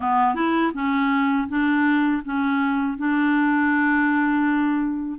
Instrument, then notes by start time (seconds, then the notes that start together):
clarinet
0.00 B3
0.35 E4
0.74 C#4
1.48 D4
2.24 C#4
2.97 D4